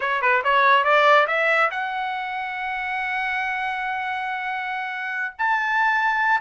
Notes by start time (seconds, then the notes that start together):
0.00 C#5
0.21 B4
0.43 C#5
0.84 D5
1.27 E5
1.70 F#5
5.38 A5